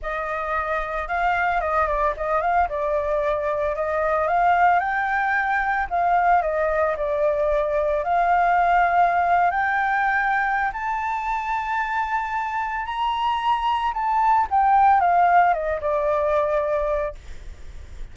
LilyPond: \new Staff \with { instrumentName = "flute" } { \time 4/4 \tempo 4 = 112 dis''2 f''4 dis''8 d''8 | dis''8 f''8 d''2 dis''4 | f''4 g''2 f''4 | dis''4 d''2 f''4~ |
f''4.~ f''16 g''2~ g''16 | a''1 | ais''2 a''4 g''4 | f''4 dis''8 d''2~ d''8 | }